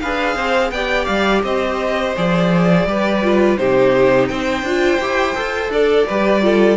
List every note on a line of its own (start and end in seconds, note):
0.00 0.35 D4
0.00 0.75 G#4
0.00 0.35 B4
0.00 0.71 F5
0.35 0.71 C4
0.35 0.71 C5
0.71 1.07 B3
0.71 2.16 G4
0.71 1.44 D5
0.71 1.05 G5
1.05 1.43 G3
1.05 1.41 F5
1.43 2.15 C4
1.43 2.87 C5
1.43 2.15 D#5
2.16 2.85 F3
2.16 2.87 G#4
2.16 3.57 D5
2.85 3.57 G3
2.85 3.23 G4
2.85 3.59 B4
3.23 3.57 F4
3.57 4.30 C3
3.57 4.64 D#4
3.57 4.29 G4
3.57 4.28 C5
4.28 4.62 C4
4.28 5.72 C5
4.28 5.71 G5
4.62 4.98 D4
4.62 5.00 F4
5.00 5.36 E4
5.00 5.35 G4
5.35 5.69 F4
5.35 6.06 A4
5.69 6.05 D4
5.69 6.07 A4
5.69 6.77 D5
6.07 6.77 G3
6.07 6.41 G4
6.07 6.43 B4
6.41 6.77 F4
6.41 6.77 A4